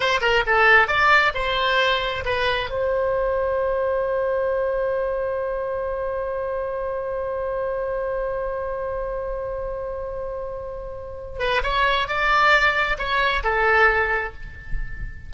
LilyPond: \new Staff \with { instrumentName = "oboe" } { \time 4/4 \tempo 4 = 134 c''8 ais'8 a'4 d''4 c''4~ | c''4 b'4 c''2~ | c''1~ | c''1~ |
c''1~ | c''1~ | c''4. b'8 cis''4 d''4~ | d''4 cis''4 a'2 | }